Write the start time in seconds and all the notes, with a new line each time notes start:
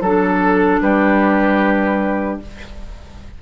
0.00 F#3 D4 A4
0.81 G3 G4 B4